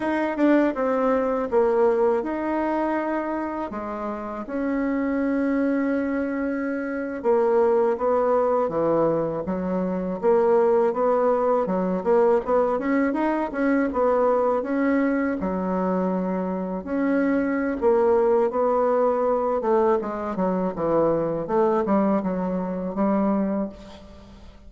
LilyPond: \new Staff \with { instrumentName = "bassoon" } { \time 4/4 \tempo 4 = 81 dis'8 d'8 c'4 ais4 dis'4~ | dis'4 gis4 cis'2~ | cis'4.~ cis'16 ais4 b4 e16~ | e8. fis4 ais4 b4 fis16~ |
fis16 ais8 b8 cis'8 dis'8 cis'8 b4 cis'16~ | cis'8. fis2 cis'4~ cis'16 | ais4 b4. a8 gis8 fis8 | e4 a8 g8 fis4 g4 | }